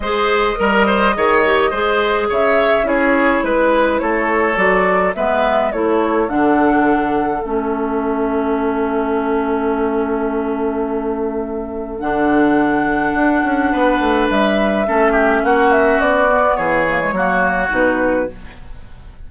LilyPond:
<<
  \new Staff \with { instrumentName = "flute" } { \time 4/4 \tempo 4 = 105 dis''1 | e''4 cis''4 b'4 cis''4 | d''4 e''4 cis''4 fis''4~ | fis''4 e''2.~ |
e''1~ | e''4 fis''2.~ | fis''4 e''2 fis''8 e''8 | d''4 cis''2 b'4 | }
  \new Staff \with { instrumentName = "oboe" } { \time 4/4 c''4 ais'8 c''8 cis''4 c''4 | cis''4 gis'4 b'4 a'4~ | a'4 b'4 a'2~ | a'1~ |
a'1~ | a'1 | b'2 a'8 g'8 fis'4~ | fis'4 gis'4 fis'2 | }
  \new Staff \with { instrumentName = "clarinet" } { \time 4/4 gis'4 ais'4 gis'8 g'8 gis'4~ | gis'4 e'2. | fis'4 b4 e'4 d'4~ | d'4 cis'2.~ |
cis'1~ | cis'4 d'2.~ | d'2 cis'2~ | cis'8 b4 ais16 gis16 ais4 dis'4 | }
  \new Staff \with { instrumentName = "bassoon" } { \time 4/4 gis4 g4 dis4 gis4 | cis4 cis'4 gis4 a4 | fis4 gis4 a4 d4~ | d4 a2.~ |
a1~ | a4 d2 d'8 cis'8 | b8 a8 g4 a4 ais4 | b4 e4 fis4 b,4 | }
>>